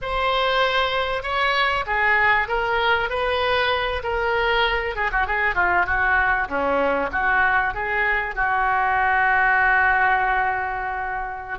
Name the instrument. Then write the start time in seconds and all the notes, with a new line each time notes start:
oboe
0.01 C5
1.23 C#5
1.86 G#4
2.48 A#4
3.09 B4
4.03 A#4
4.95 G#4
5.11 F#4
5.27 G#4
5.54 F4
5.86 F#4
6.48 C#4
7.12 F#4
7.74 G#4
8.35 F#4